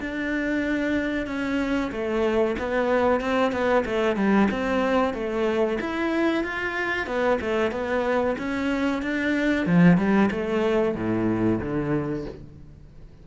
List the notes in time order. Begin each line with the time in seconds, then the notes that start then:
0.00 D4
1.26 C#4
1.91 A3
2.59 B3
3.21 C4
3.52 B3
3.85 A3
4.16 G3
4.51 C4
5.14 A3
5.81 E4
6.44 F4
7.06 B3
7.41 A3
7.71 B3
8.38 C#4
9.02 D4
9.66 F3
9.97 G3
10.31 A3
10.95 A2
11.60 D3